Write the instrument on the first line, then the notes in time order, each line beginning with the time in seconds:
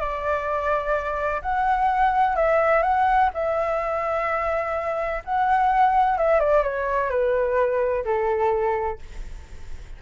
flute
0.00 D5
1.42 F#5
2.36 E5
2.83 F#5
3.34 E5
5.25 F#5
6.18 E5
6.40 D5
6.63 C#5
7.10 B4
8.05 A4